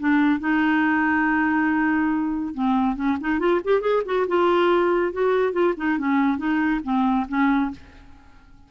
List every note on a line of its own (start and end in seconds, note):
0.00 0.40 D4
0.40 2.54 D#4
2.54 2.96 C4
2.96 3.18 C#4
3.21 3.40 D#4
3.40 3.61 F4
3.64 3.81 G4
3.81 4.03 G#4
4.06 4.27 F#4
4.28 5.13 F4
5.13 5.53 F#4
5.53 5.74 F4
5.77 5.99 D#4
5.99 6.38 C#4
6.38 6.81 D#4
6.84 7.27 C4
7.28 7.71 C#4